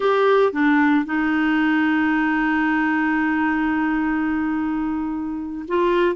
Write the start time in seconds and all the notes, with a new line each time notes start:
0.00 G4
0.52 D4
1.05 D#4
5.67 F4